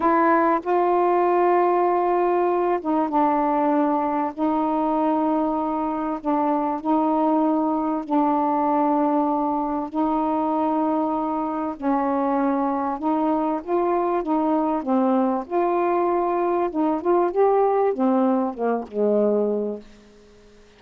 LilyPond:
\new Staff \with { instrumentName = "saxophone" } { \time 4/4 \tempo 4 = 97 e'4 f'2.~ | f'8 dis'8 d'2 dis'4~ | dis'2 d'4 dis'4~ | dis'4 d'2. |
dis'2. cis'4~ | cis'4 dis'4 f'4 dis'4 | c'4 f'2 dis'8 f'8 | g'4 c'4 ais8 gis4. | }